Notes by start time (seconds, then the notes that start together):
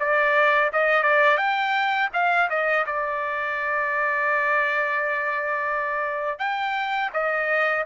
0.00 D5
0.73 D#5
1.03 D5
1.38 G5
2.13 F5
2.50 D#5
2.86 D5
6.39 G5
7.14 D#5